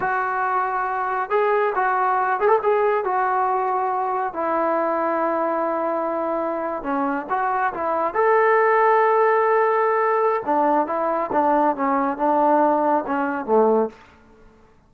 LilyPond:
\new Staff \with { instrumentName = "trombone" } { \time 4/4 \tempo 4 = 138 fis'2. gis'4 | fis'4. gis'16 a'16 gis'4 fis'4~ | fis'2 e'2~ | e'2.~ e'8. cis'16~ |
cis'8. fis'4 e'4 a'4~ a'16~ | a'1 | d'4 e'4 d'4 cis'4 | d'2 cis'4 a4 | }